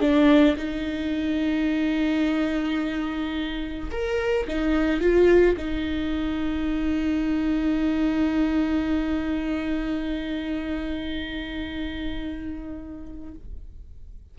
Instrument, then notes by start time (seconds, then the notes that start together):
viola
0.00 D4
0.56 D#4
3.91 A#4
4.47 D#4
5.00 F4
5.57 D#4